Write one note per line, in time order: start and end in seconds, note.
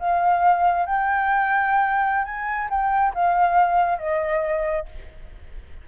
0.00 0.86 F5
0.86 2.25 G5
2.25 2.69 G#5
2.70 3.14 G5
3.14 3.99 F5
3.99 4.86 D#5